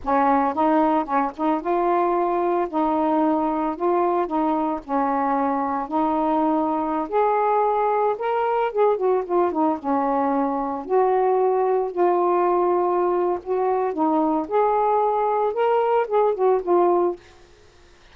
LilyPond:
\new Staff \with { instrumentName = "saxophone" } { \time 4/4 \tempo 4 = 112 cis'4 dis'4 cis'8 dis'8 f'4~ | f'4 dis'2 f'4 | dis'4 cis'2 dis'4~ | dis'4~ dis'16 gis'2 ais'8.~ |
ais'16 gis'8 fis'8 f'8 dis'8 cis'4.~ cis'16~ | cis'16 fis'2 f'4.~ f'16~ | f'4 fis'4 dis'4 gis'4~ | gis'4 ais'4 gis'8 fis'8 f'4 | }